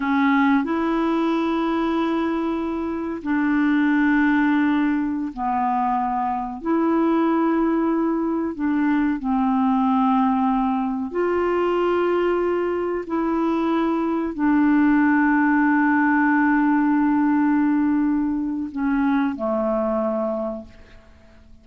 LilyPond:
\new Staff \with { instrumentName = "clarinet" } { \time 4/4 \tempo 4 = 93 cis'4 e'2.~ | e'4 d'2.~ | d'16 b2 e'4.~ e'16~ | e'4~ e'16 d'4 c'4.~ c'16~ |
c'4~ c'16 f'2~ f'8.~ | f'16 e'2 d'4.~ d'16~ | d'1~ | d'4 cis'4 a2 | }